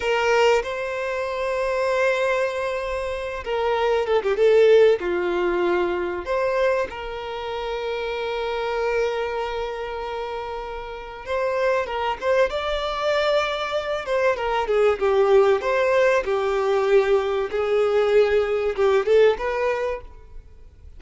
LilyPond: \new Staff \with { instrumentName = "violin" } { \time 4/4 \tempo 4 = 96 ais'4 c''2.~ | c''4. ais'4 a'16 g'16 a'4 | f'2 c''4 ais'4~ | ais'1~ |
ais'2 c''4 ais'8 c''8 | d''2~ d''8 c''8 ais'8 gis'8 | g'4 c''4 g'2 | gis'2 g'8 a'8 b'4 | }